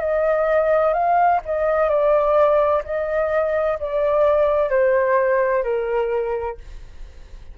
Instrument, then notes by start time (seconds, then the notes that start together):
flute
0.00 D#5
0.93 F5
1.46 D#5
1.89 D5
2.85 D#5
3.79 D5
4.70 C5
5.64 A#4